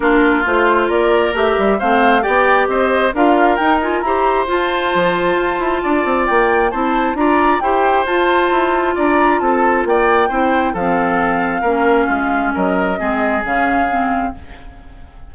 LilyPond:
<<
  \new Staff \with { instrumentName = "flute" } { \time 4/4 \tempo 4 = 134 ais'4 c''4 d''4 e''4 | f''4 g''4 dis''4 f''4 | g''8 gis''8 ais''4 a''2~ | a''2 g''4 a''4 |
ais''4 g''4 a''2 | ais''4 a''4 g''2 | f''1 | dis''2 f''2 | }
  \new Staff \with { instrumentName = "oboe" } { \time 4/4 f'2 ais'2 | c''4 d''4 c''4 ais'4~ | ais'4 c''2.~ | c''4 d''2 c''4 |
d''4 c''2. | d''4 a'4 d''4 c''4 | a'2 ais'4 f'4 | ais'4 gis'2. | }
  \new Staff \with { instrumentName = "clarinet" } { \time 4/4 d'4 f'2 g'4 | c'4 g'2 f'4 | dis'8 f'8 g'4 f'2~ | f'2. e'4 |
f'4 g'4 f'2~ | f'2. e'4 | c'2 cis'2~ | cis'4 c'4 cis'4 c'4 | }
  \new Staff \with { instrumentName = "bassoon" } { \time 4/4 ais4 a4 ais4 a8 g8 | a4 b4 c'4 d'4 | dis'4 e'4 f'4 f4 | f'8 e'8 d'8 c'8 ais4 c'4 |
d'4 e'4 f'4 e'4 | d'4 c'4 ais4 c'4 | f2 ais4 gis4 | fis4 gis4 cis2 | }
>>